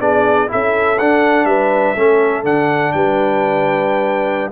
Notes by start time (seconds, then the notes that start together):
0.00 B3 D4 G#4 D5
0.48 C#4 E4 A4 E5
0.99 D4 F#5
1.45 G3 B4 E5
1.95 A3 C#4 A4
2.43 D3 D4 F#5
2.92 G3 B4 G5